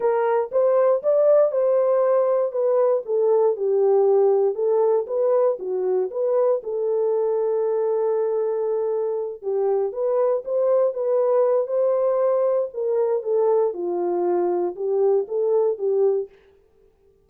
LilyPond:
\new Staff \with { instrumentName = "horn" } { \time 4/4 \tempo 4 = 118 ais'4 c''4 d''4 c''4~ | c''4 b'4 a'4 g'4~ | g'4 a'4 b'4 fis'4 | b'4 a'2.~ |
a'2~ a'8 g'4 b'8~ | b'8 c''4 b'4. c''4~ | c''4 ais'4 a'4 f'4~ | f'4 g'4 a'4 g'4 | }